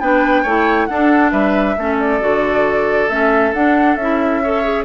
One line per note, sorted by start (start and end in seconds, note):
0.00 0.44 B3
0.00 0.46 D4
0.00 0.43 B4
0.00 0.86 G5
0.43 0.88 A3
0.43 0.90 E4
0.43 0.87 C#5
0.86 1.33 D4
0.86 1.78 D4
0.86 1.32 A4
0.86 1.30 F#5
1.31 1.77 G3
1.31 1.76 B4
1.31 1.97 E5
1.77 2.21 A3
1.77 2.21 C#4
1.77 4.43 A4
2.00 3.09 D5
2.21 3.09 D3
2.21 3.09 F#4
3.09 3.53 A3
3.09 3.54 C#4
3.09 3.53 E5
3.54 3.97 D4
3.54 4.00 D4
3.54 3.96 F#5
3.96 4.85 C#4
3.96 4.45 E4
3.96 4.84 E5
4.43 4.64 A4
4.43 4.85 C#5
4.64 4.85 G#4